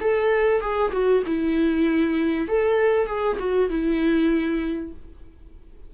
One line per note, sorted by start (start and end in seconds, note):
0.00 0.60 A4
0.60 0.91 G#4
0.92 1.23 F#4
1.26 2.48 E4
2.48 3.06 A4
3.06 3.37 G#4
3.39 3.69 F#4
3.69 4.93 E4